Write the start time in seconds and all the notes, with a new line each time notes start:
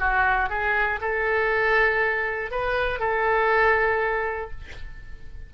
0.00 F#4
0.50 G#4
1.02 A4
2.52 B4
3.00 A4